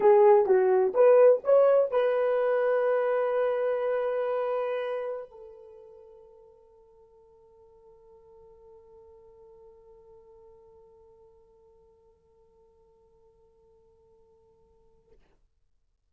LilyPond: \new Staff \with { instrumentName = "horn" } { \time 4/4 \tempo 4 = 127 gis'4 fis'4 b'4 cis''4 | b'1~ | b'2.~ b'16 a'8.~ | a'1~ |
a'1~ | a'1~ | a'1~ | a'1 | }